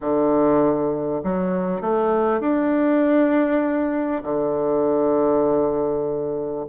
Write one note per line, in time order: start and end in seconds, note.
0.00 1.21 D3
1.23 1.81 F#3
1.81 2.40 A3
2.40 4.22 D4
4.23 6.65 D3